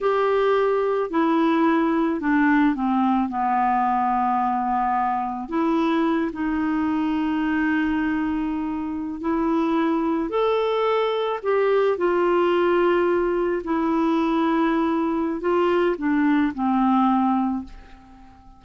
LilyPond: \new Staff \with { instrumentName = "clarinet" } { \time 4/4 \tempo 4 = 109 g'2 e'2 | d'4 c'4 b2~ | b2 e'4. dis'8~ | dis'1~ |
dis'8. e'2 a'4~ a'16~ | a'8. g'4 f'2~ f'16~ | f'8. e'2.~ e'16 | f'4 d'4 c'2 | }